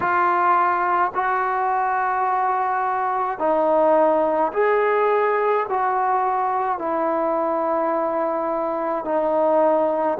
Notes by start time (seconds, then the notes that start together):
0.00 F4
1.14 F#4
3.39 D#4
4.53 G#4
5.69 F#4
6.78 E4
9.04 D#4